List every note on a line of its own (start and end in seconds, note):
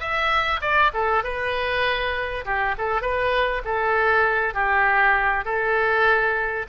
0.00 0.61 E5
0.61 0.92 D5
0.94 1.24 A4
1.24 2.45 B4
2.45 2.75 G4
2.78 3.02 A4
3.02 3.62 B4
3.65 4.54 A4
4.54 5.45 G4
5.45 6.66 A4